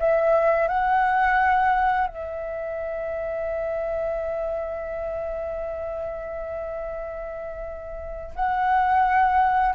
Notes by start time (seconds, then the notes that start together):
0.00 E5
0.68 F#5
2.07 E5
8.36 F#5